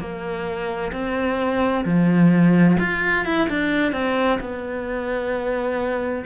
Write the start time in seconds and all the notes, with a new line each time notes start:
0.00 A#3
0.93 C4
1.85 F3
2.80 F4
3.26 E4
3.50 D4
3.93 C4
4.40 B3